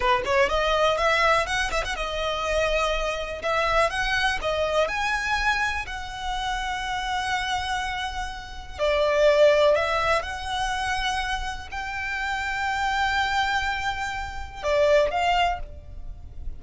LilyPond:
\new Staff \with { instrumentName = "violin" } { \time 4/4 \tempo 4 = 123 b'8 cis''8 dis''4 e''4 fis''8 e''16 fis''16 | dis''2. e''4 | fis''4 dis''4 gis''2 | fis''1~ |
fis''2 d''2 | e''4 fis''2. | g''1~ | g''2 d''4 f''4 | }